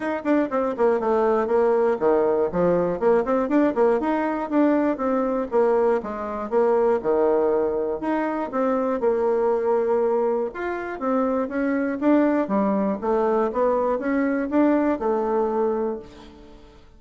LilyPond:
\new Staff \with { instrumentName = "bassoon" } { \time 4/4 \tempo 4 = 120 dis'8 d'8 c'8 ais8 a4 ais4 | dis4 f4 ais8 c'8 d'8 ais8 | dis'4 d'4 c'4 ais4 | gis4 ais4 dis2 |
dis'4 c'4 ais2~ | ais4 f'4 c'4 cis'4 | d'4 g4 a4 b4 | cis'4 d'4 a2 | }